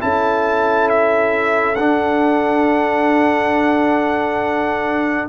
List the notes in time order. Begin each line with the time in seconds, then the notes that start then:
0.00 C#4 E4 A4 A5
0.90 E5
1.76 D4 F#5